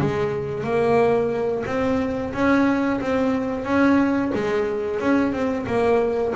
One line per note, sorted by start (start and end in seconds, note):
0.00 0.63 G#3
0.63 1.63 A#3
1.66 2.32 C4
2.33 3.00 C#4
3.00 3.64 C4
3.64 4.31 C#4
4.34 5.00 G#3
5.00 5.32 C#4
5.32 5.65 C4
5.66 6.33 A#3